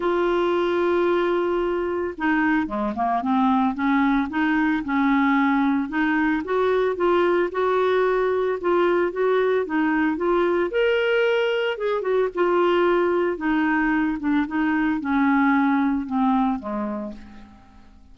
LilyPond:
\new Staff \with { instrumentName = "clarinet" } { \time 4/4 \tempo 4 = 112 f'1 | dis'4 gis8 ais8 c'4 cis'4 | dis'4 cis'2 dis'4 | fis'4 f'4 fis'2 |
f'4 fis'4 dis'4 f'4 | ais'2 gis'8 fis'8 f'4~ | f'4 dis'4. d'8 dis'4 | cis'2 c'4 gis4 | }